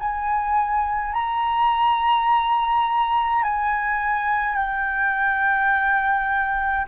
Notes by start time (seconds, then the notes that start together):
0.00 G#5
1.14 A#5
3.44 G#5
4.56 G5